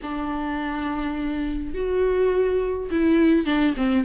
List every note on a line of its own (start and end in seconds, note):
0.02 1.74 D4
1.74 2.90 F#4
2.90 3.45 E4
3.45 3.74 D4
3.76 4.04 C4